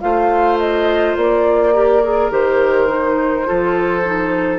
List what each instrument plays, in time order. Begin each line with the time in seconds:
0.00 bassoon A3, clarinet F4, oboe C5, flute F5
0.58 flute D#5
1.16 bassoon A#3, flute D5
1.73 clarinet G4, oboe A#4
2.03 clarinet G#4
2.31 bassoon D#3, clarinet G4, flute C5
2.88 clarinet D#4
3.45 bassoon F3, clarinet F4, oboe A4
4.05 clarinet D#4